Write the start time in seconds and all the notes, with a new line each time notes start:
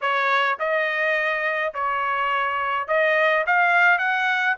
0.01 C#5
0.59 D#5
1.74 C#5
2.87 D#5
3.46 F5
3.98 F#5